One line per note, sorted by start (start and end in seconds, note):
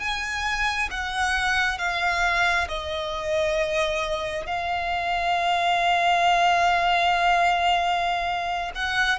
0.00 0.90 G#5
0.91 1.79 F#5
1.79 2.68 F5
2.69 4.47 D#5
4.47 8.72 F5
8.76 9.19 F#5